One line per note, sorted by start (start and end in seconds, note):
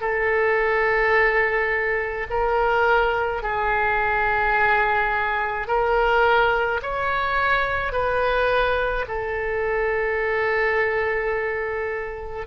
0.00 2.26 A4
2.30 3.42 A#4
3.42 5.67 G#4
5.67 6.80 A#4
6.82 7.92 C#5
7.92 9.05 B4
9.07 12.46 A4